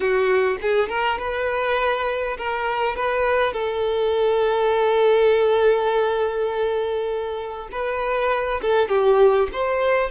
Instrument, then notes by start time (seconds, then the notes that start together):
violin
0.00 F#4
0.61 G#4
0.88 A#4
1.18 B4
2.37 A#4
2.96 B4
3.53 A4
7.71 B4
8.61 A4
8.88 G4
9.52 C5